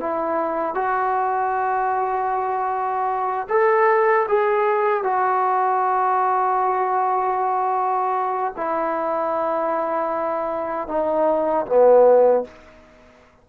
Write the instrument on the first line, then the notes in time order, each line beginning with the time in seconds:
trombone
0.00 E4
0.75 F#4
3.49 A4
4.28 G#4
5.03 F#4
8.57 E4
10.88 D#4
11.66 B3